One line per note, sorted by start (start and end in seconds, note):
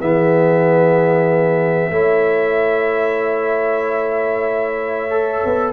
0.00 1.91 E3
0.00 1.91 B3
0.00 1.92 G#4
0.00 5.73 E5
1.91 5.42 A3
1.91 5.10 E4
1.91 5.73 C#5
5.10 5.73 A4
5.45 5.73 B3